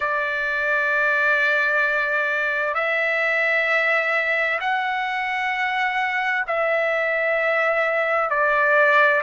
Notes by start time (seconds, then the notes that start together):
0.00 D5
2.74 E5
4.60 F#5
6.47 E5
8.30 D5